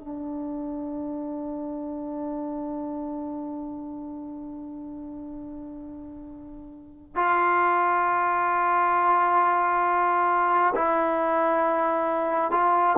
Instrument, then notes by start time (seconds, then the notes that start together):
trombone
0.00 D4
7.16 F4
10.75 E4
12.51 F4